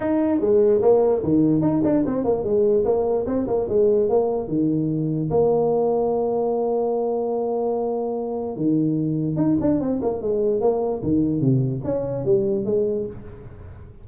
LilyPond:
\new Staff \with { instrumentName = "tuba" } { \time 4/4 \tempo 4 = 147 dis'4 gis4 ais4 dis4 | dis'8 d'8 c'8 ais8 gis4 ais4 | c'8 ais8 gis4 ais4 dis4~ | dis4 ais2.~ |
ais1~ | ais4 dis2 dis'8 d'8 | c'8 ais8 gis4 ais4 dis4 | c4 cis'4 g4 gis4 | }